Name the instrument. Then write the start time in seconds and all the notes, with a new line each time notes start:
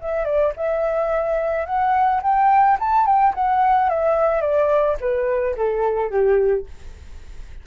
flute
0.00 E5
0.24 D5
0.56 E5
1.65 F#5
2.22 G5
2.79 A5
3.06 G5
3.34 F#5
3.89 E5
4.41 D5
5.00 B4
5.56 A4
6.10 G4